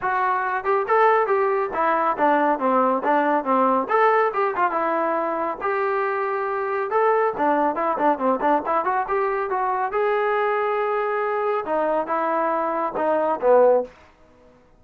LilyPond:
\new Staff \with { instrumentName = "trombone" } { \time 4/4 \tempo 4 = 139 fis'4. g'8 a'4 g'4 | e'4 d'4 c'4 d'4 | c'4 a'4 g'8 f'8 e'4~ | e'4 g'2. |
a'4 d'4 e'8 d'8 c'8 d'8 | e'8 fis'8 g'4 fis'4 gis'4~ | gis'2. dis'4 | e'2 dis'4 b4 | }